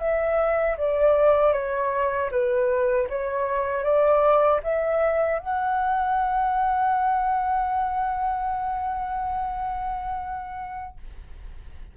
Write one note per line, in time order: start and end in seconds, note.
0.00 0.77 E5
0.78 1.53 D5
1.53 2.30 C#5
2.31 3.08 B4
3.09 3.84 C#5
3.84 4.61 D5
4.63 5.39 E5
5.39 10.97 F#5